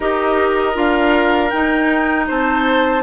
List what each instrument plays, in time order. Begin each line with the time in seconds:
0.00 bassoon D#4, clarinet G4, oboe A#4, flute D#5
0.74 bassoon D4, clarinet F4, flute F5
1.49 bassoon D#4, clarinet D#4, flute G5
2.27 bassoon C4, oboe C5, flute A5